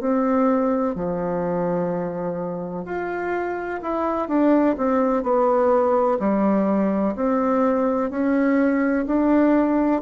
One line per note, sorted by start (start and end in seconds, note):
0.00 0.95 C4
0.95 2.85 F3
2.85 3.80 F4
3.82 4.28 E4
4.28 4.75 D4
4.77 5.23 C4
5.23 6.18 B3
6.19 7.14 G3
7.15 8.10 C4
8.10 9.05 C#4
9.06 10.01 D4